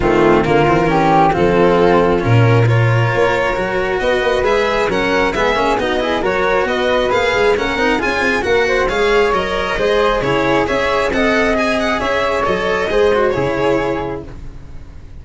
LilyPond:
<<
  \new Staff \with { instrumentName = "violin" } { \time 4/4 \tempo 4 = 135 f'4 ais'2 a'4~ | a'4 ais'4 cis''2~ | cis''4 dis''4 e''4 fis''4 | e''4 dis''4 cis''4 dis''4 |
f''4 fis''4 gis''4 fis''4 | f''4 dis''2 cis''4 | e''4 fis''4 gis''8 fis''8 e''4 | dis''2 cis''2 | }
  \new Staff \with { instrumentName = "flute" } { \time 4/4 c'4 f'4 g'4 f'4~ | f'2 ais'2~ | ais'4 b'2 ais'4 | gis'4 fis'8 gis'8 ais'4 b'4~ |
b'4 ais'4 gis'4 ais'8 c''8 | cis''2 c''4 gis'4 | cis''4 dis''2 cis''4~ | cis''4 c''4 gis'2 | }
  \new Staff \with { instrumentName = "cello" } { \time 4/4 a4 ais8 c'8 cis'4 c'4~ | c'4 cis'4 f'2 | fis'2 gis'4 cis'4 | b8 cis'8 dis'8 e'8 fis'2 |
gis'4 cis'8 dis'8 f'4 fis'4 | gis'4 ais'4 gis'4 e'4 | gis'4 a'4 gis'2 | a'4 gis'8 fis'8 e'2 | }
  \new Staff \with { instrumentName = "tuba" } { \time 4/4 dis4 d8 e4. f4~ | f4 ais,2 ais4 | fis4 b8 ais8 gis4 fis4 | gis8 ais8 b4 fis4 b4 |
ais8 gis8 ais8 c'8 cis'8 c'8 ais4 | gis4 fis4 gis4 cis4 | cis'4 c'2 cis'4 | fis4 gis4 cis2 | }
>>